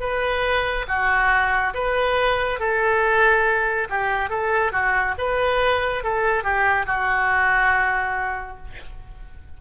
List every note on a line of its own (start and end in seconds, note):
0.00 0.86 B4
0.88 1.73 F#4
1.74 2.59 B4
2.59 3.88 A4
3.90 4.29 G4
4.29 4.72 A4
4.72 5.15 F#4
5.18 6.04 B4
6.04 6.43 A4
6.43 6.86 G4
6.86 8.57 F#4